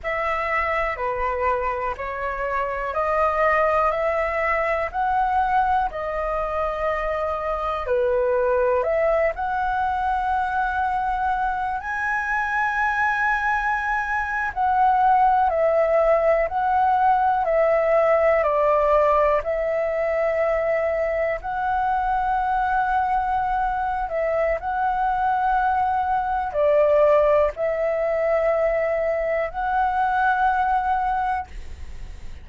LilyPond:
\new Staff \with { instrumentName = "flute" } { \time 4/4 \tempo 4 = 61 e''4 b'4 cis''4 dis''4 | e''4 fis''4 dis''2 | b'4 e''8 fis''2~ fis''8 | gis''2~ gis''8. fis''4 e''16~ |
e''8. fis''4 e''4 d''4 e''16~ | e''4.~ e''16 fis''2~ fis''16~ | fis''8 e''8 fis''2 d''4 | e''2 fis''2 | }